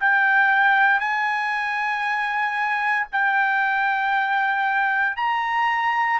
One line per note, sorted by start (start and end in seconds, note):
0.00 1.00 G5
1.00 3.07 G#5
3.12 5.16 G5
5.16 6.20 A#5